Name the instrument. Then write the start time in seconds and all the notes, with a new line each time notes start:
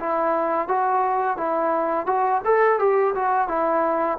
trombone
0.00 E4
0.68 F#4
1.38 E4
2.07 F#4
2.45 A4
2.79 G4
3.15 F#4
3.49 E4